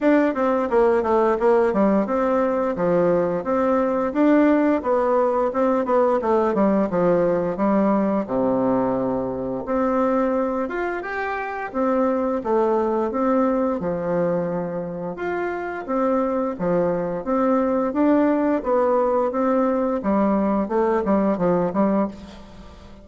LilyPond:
\new Staff \with { instrumentName = "bassoon" } { \time 4/4 \tempo 4 = 87 d'8 c'8 ais8 a8 ais8 g8 c'4 | f4 c'4 d'4 b4 | c'8 b8 a8 g8 f4 g4 | c2 c'4. f'8 |
g'4 c'4 a4 c'4 | f2 f'4 c'4 | f4 c'4 d'4 b4 | c'4 g4 a8 g8 f8 g8 | }